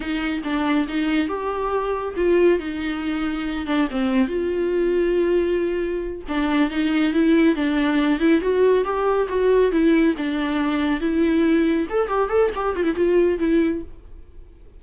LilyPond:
\new Staff \with { instrumentName = "viola" } { \time 4/4 \tempo 4 = 139 dis'4 d'4 dis'4 g'4~ | g'4 f'4 dis'2~ | dis'8 d'8 c'4 f'2~ | f'2~ f'8 d'4 dis'8~ |
dis'8 e'4 d'4. e'8 fis'8~ | fis'8 g'4 fis'4 e'4 d'8~ | d'4. e'2 a'8 | g'8 a'8 g'8 f'16 e'16 f'4 e'4 | }